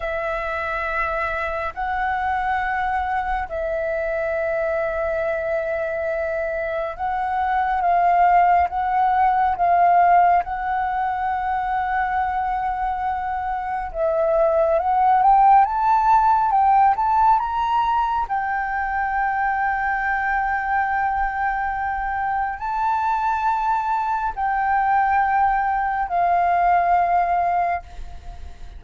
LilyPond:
\new Staff \with { instrumentName = "flute" } { \time 4/4 \tempo 4 = 69 e''2 fis''2 | e''1 | fis''4 f''4 fis''4 f''4 | fis''1 |
e''4 fis''8 g''8 a''4 g''8 a''8 | ais''4 g''2.~ | g''2 a''2 | g''2 f''2 | }